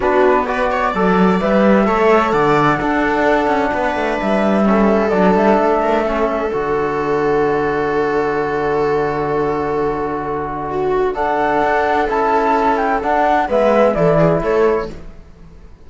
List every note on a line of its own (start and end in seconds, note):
0.00 0.93 B3
0.00 0.46 D4
0.00 0.45 F#4
0.00 0.45 B4
0.45 0.93 F#4
0.45 0.70 B4
0.45 1.38 D5
0.70 0.90 C#5
0.90 1.40 F#3
0.90 1.40 A4
0.90 1.83 D5
1.40 1.88 G3
1.40 1.85 B4
1.40 2.31 E5
1.85 2.32 A3
1.85 2.78 A4
1.85 2.32 C#5
2.31 2.79 D3
2.31 2.77 D5
2.31 4.17 F#5
2.77 4.63 D4
2.77 3.47 D4
2.77 3.70 A4
3.47 3.70 C#4
3.73 3.95 B3
3.73 4.66 B4
3.95 4.18 A3
4.18 5.11 G3
4.18 5.09 E5
4.63 5.10 C#4
4.63 5.82 A4
5.09 5.34 F#3
5.09 6.05 D4
5.09 5.33 D5
5.34 5.57 G3
5.34 6.51 E5
5.57 6.50 A3
5.82 6.04 A#4
6.04 6.51 C#4
6.04 10.70 A4
6.51 11.61 D3
6.51 11.14 F#4
6.51 11.14 D5
10.70 11.14 F#4
11.14 12.07 D4
11.14 13.47 A4
11.14 12.07 F#5
11.61 12.08 D4
12.08 13.02 C#4
12.08 13.01 E4
12.08 12.77 A5
12.77 13.00 G5
13.02 13.48 D4
13.02 13.49 F#5
13.47 13.95 G#3
13.47 13.93 B3
13.47 13.94 B4
13.47 13.94 E5
13.93 14.42 E3
13.93 14.86 E4
13.93 14.17 A4
13.93 14.41 D5
14.17 14.41 G#4
14.42 14.89 A3
14.42 14.89 A4
14.42 14.89 C#5